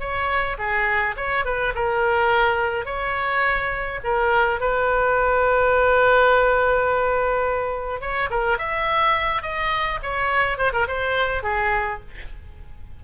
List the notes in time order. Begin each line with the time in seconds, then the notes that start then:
0.00 C#5
0.58 G#4
1.17 C#5
1.45 B4
1.75 A#4
2.85 C#5
4.04 A#4
4.60 B4
8.01 C#5
8.30 A#4
8.58 E5
9.42 D#5
10.03 C#5
10.58 C5
10.73 A#4
10.88 C5
11.43 G#4